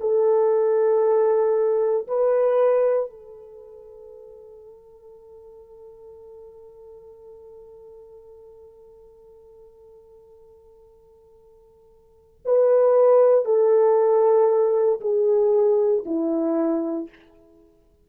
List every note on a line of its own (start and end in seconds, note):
0.00 2.07 A4
2.07 3.09 B4
3.09 12.40 A4
12.44 13.45 B4
13.45 15.00 A4
15.00 16.03 G#4
16.05 17.08 E4